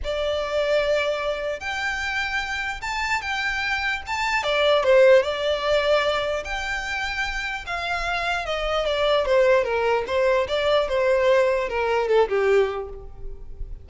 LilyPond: \new Staff \with { instrumentName = "violin" } { \time 4/4 \tempo 4 = 149 d''1 | g''2. a''4 | g''2 a''4 d''4 | c''4 d''2. |
g''2. f''4~ | f''4 dis''4 d''4 c''4 | ais'4 c''4 d''4 c''4~ | c''4 ais'4 a'8 g'4. | }